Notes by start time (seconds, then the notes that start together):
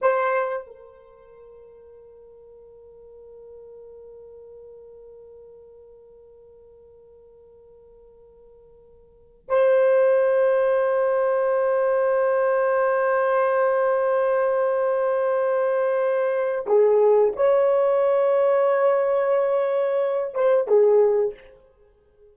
0.01 C5
0.67 A#4
9.48 C5
16.66 G#4
17.35 C#5
20.34 C5
20.67 G#4